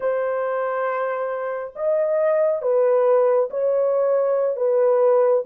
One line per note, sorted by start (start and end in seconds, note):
0.00 1.73 C5
1.75 2.62 D#5
2.62 3.49 B4
3.50 4.56 C#5
4.56 5.43 B4